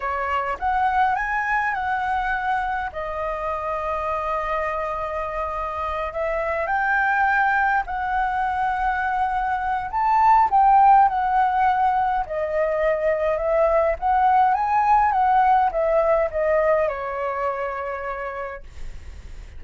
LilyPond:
\new Staff \with { instrumentName = "flute" } { \time 4/4 \tempo 4 = 103 cis''4 fis''4 gis''4 fis''4~ | fis''4 dis''2.~ | dis''2~ dis''8 e''4 g''8~ | g''4. fis''2~ fis''8~ |
fis''4 a''4 g''4 fis''4~ | fis''4 dis''2 e''4 | fis''4 gis''4 fis''4 e''4 | dis''4 cis''2. | }